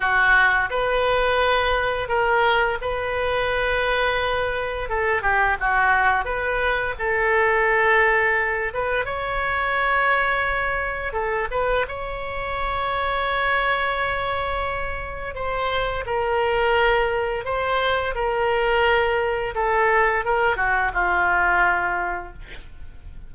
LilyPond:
\new Staff \with { instrumentName = "oboe" } { \time 4/4 \tempo 4 = 86 fis'4 b'2 ais'4 | b'2. a'8 g'8 | fis'4 b'4 a'2~ | a'8 b'8 cis''2. |
a'8 b'8 cis''2.~ | cis''2 c''4 ais'4~ | ais'4 c''4 ais'2 | a'4 ais'8 fis'8 f'2 | }